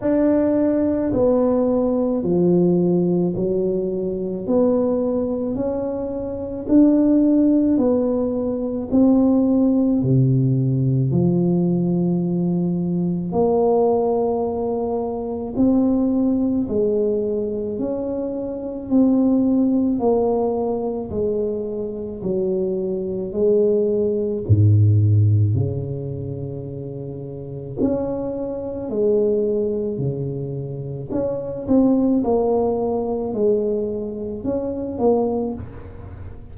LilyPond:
\new Staff \with { instrumentName = "tuba" } { \time 4/4 \tempo 4 = 54 d'4 b4 f4 fis4 | b4 cis'4 d'4 b4 | c'4 c4 f2 | ais2 c'4 gis4 |
cis'4 c'4 ais4 gis4 | fis4 gis4 gis,4 cis4~ | cis4 cis'4 gis4 cis4 | cis'8 c'8 ais4 gis4 cis'8 ais8 | }